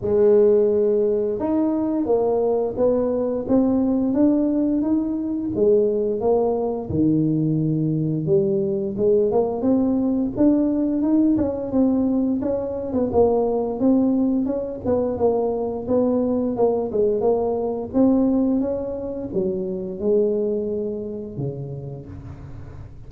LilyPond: \new Staff \with { instrumentName = "tuba" } { \time 4/4 \tempo 4 = 87 gis2 dis'4 ais4 | b4 c'4 d'4 dis'4 | gis4 ais4 dis2 | g4 gis8 ais8 c'4 d'4 |
dis'8 cis'8 c'4 cis'8. b16 ais4 | c'4 cis'8 b8 ais4 b4 | ais8 gis8 ais4 c'4 cis'4 | fis4 gis2 cis4 | }